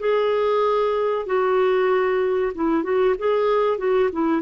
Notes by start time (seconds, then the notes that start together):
0.00 G#4
1.27 F#4
2.55 E4
2.84 F#4
3.19 G#4
3.79 F#4
4.13 E4